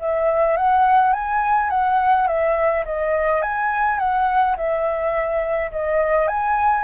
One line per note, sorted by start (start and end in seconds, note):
0.00 0.57 E5
0.57 1.13 F#5
1.13 1.70 G#5
1.70 2.27 F#5
2.28 2.85 E5
2.85 3.42 D#5
3.42 3.99 G#5
3.99 4.56 F#5
4.57 5.71 E5
5.72 6.28 D#5
6.28 6.84 G#5